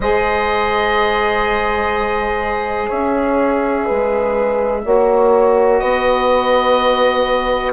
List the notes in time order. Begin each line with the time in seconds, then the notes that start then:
0.00 G#3 G#4 C5 D#5
2.87 C#4 C#5 E5
3.86 G#3 B4
4.84 A#3 F#4 C#5
5.79 B3 B4 D#5